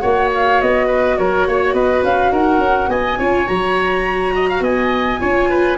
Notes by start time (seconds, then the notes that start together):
0.00 A#3 F#4 C#5 F#5
0.34 F5
0.61 B3 D#5
0.87 B4
1.17 F#3 A#4 C#5
1.47 A#3 C#5
1.74 B3 B4 D#5
2.03 C#4 F5
2.31 D#4 A#4 F#5
2.58 C#4
2.88 B3 D#5 G#5
3.19 C#4 F4 C#5
3.47 F#3 F#4 A#5
4.35 D#5
4.49 F5
4.60 B3 D#5 G#5
5.20 C#4 F4 C#5
5.50 B4